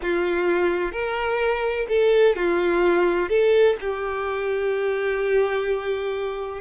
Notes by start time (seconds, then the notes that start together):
0.02 F4
0.92 A#4
1.89 A4
2.36 F4
3.29 A4
3.80 G4